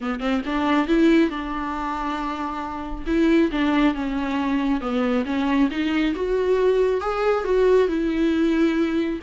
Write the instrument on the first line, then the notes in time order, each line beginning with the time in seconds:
viola
0.00 B3
0.20 C4
0.45 D4
0.87 E4
1.30 D4
3.06 E4
3.51 D4
3.94 C#4
4.80 B3
5.25 C#4
5.70 D#4
6.15 F#4
7.00 G#4
7.44 F#4
7.88 E4